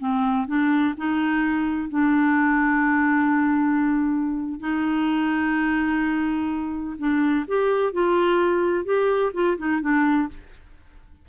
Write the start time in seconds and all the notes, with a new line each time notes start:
0.00 C4
0.47 D4
0.97 D#4
1.89 D4
4.60 D#4
6.99 D4
7.48 G4
7.93 F4
8.85 G4
9.34 F4
9.58 D#4
9.81 D4